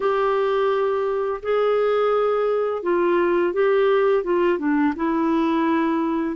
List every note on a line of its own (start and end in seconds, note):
0.00 1.41 G4
1.42 2.82 G#4
2.82 3.53 F4
3.53 4.23 G4
4.23 4.58 F4
4.58 4.93 D4
4.96 6.35 E4